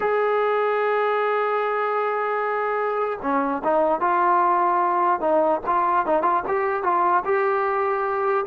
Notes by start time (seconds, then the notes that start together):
0.00 G#4
3.22 C#4
3.64 D#4
4.00 F4
5.20 D#4
5.66 F4
6.06 D#4
6.22 F4
6.47 G4
6.83 F4
7.24 G4